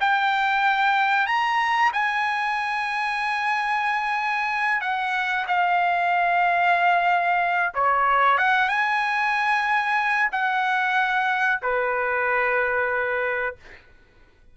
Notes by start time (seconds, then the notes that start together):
0.00 G5
1.26 A#5
1.93 G#5
4.81 F#5
5.47 F5
7.74 C#5
8.38 F#5
8.68 G#5
10.31 F#5
11.62 B4